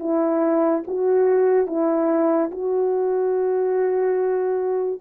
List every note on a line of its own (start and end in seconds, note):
0.00 0.83 E4
0.87 1.67 F#4
1.67 2.51 E4
2.52 5.01 F#4